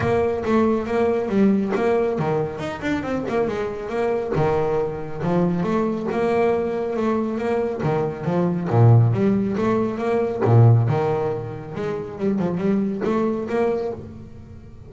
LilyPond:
\new Staff \with { instrumentName = "double bass" } { \time 4/4 \tempo 4 = 138 ais4 a4 ais4 g4 | ais4 dis4 dis'8 d'8 c'8 ais8 | gis4 ais4 dis2 | f4 a4 ais2 |
a4 ais4 dis4 f4 | ais,4 g4 a4 ais4 | ais,4 dis2 gis4 | g8 f8 g4 a4 ais4 | }